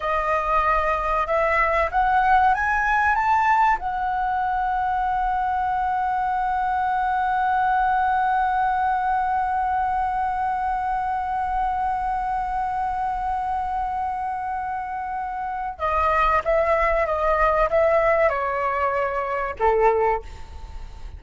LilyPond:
\new Staff \with { instrumentName = "flute" } { \time 4/4 \tempo 4 = 95 dis''2 e''4 fis''4 | gis''4 a''4 fis''2~ | fis''1~ | fis''1~ |
fis''1~ | fis''1~ | fis''4 dis''4 e''4 dis''4 | e''4 cis''2 a'4 | }